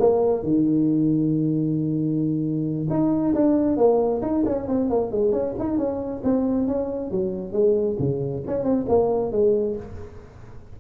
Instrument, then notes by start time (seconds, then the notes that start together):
tuba
0.00 A#3
0.43 D#3
2.90 D#4
3.35 D4
3.77 A#3
4.22 D#4
4.46 C#4
4.68 C4
4.90 A#3
5.12 G#3
5.32 C#4
5.59 D#4
5.78 C#4
6.24 C4
6.68 C#4
7.11 F#3
7.53 G#3
7.99 C#3
8.47 C#4
8.63 C4
8.89 A#3
9.32 G#3